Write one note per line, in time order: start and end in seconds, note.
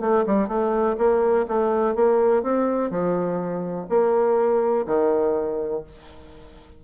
0.00 0.24 A3
0.26 0.48 G3
0.48 0.96 A3
0.97 1.46 A#3
1.48 1.95 A3
1.95 2.42 A#3
2.42 2.90 C4
2.90 3.87 F3
3.89 4.85 A#3
4.86 5.83 D#3